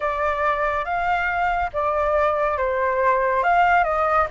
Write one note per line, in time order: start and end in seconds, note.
0.00 0.84 D5
0.84 1.70 F5
1.73 2.57 D5
2.57 3.43 C5
3.43 3.84 F5
3.84 4.27 D#5